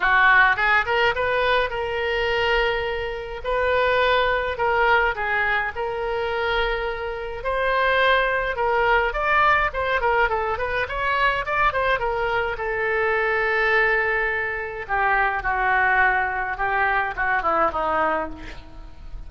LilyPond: \new Staff \with { instrumentName = "oboe" } { \time 4/4 \tempo 4 = 105 fis'4 gis'8 ais'8 b'4 ais'4~ | ais'2 b'2 | ais'4 gis'4 ais'2~ | ais'4 c''2 ais'4 |
d''4 c''8 ais'8 a'8 b'8 cis''4 | d''8 c''8 ais'4 a'2~ | a'2 g'4 fis'4~ | fis'4 g'4 fis'8 e'8 dis'4 | }